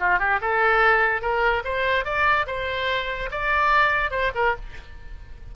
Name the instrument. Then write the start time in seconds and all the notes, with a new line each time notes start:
oboe
0.00 F4
0.19 G4
0.42 A4
1.22 A#4
1.65 C5
2.05 D5
2.47 C5
3.31 D5
4.11 C5
4.35 A#4